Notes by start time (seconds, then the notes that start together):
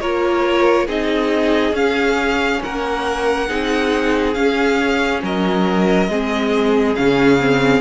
0.00 A#3 F4 A#4 C#5
0.86 C4 D#4 G#4 D#5
1.72 C#4 F5
2.63 A#3 A#4 F#5
3.48 C4 D#4 G#4
4.33 C#4 F5
5.23 F#3 A#4 D#5
6.08 G#3 C4 G#4
6.95 C#3 C#4 F5
7.40 C4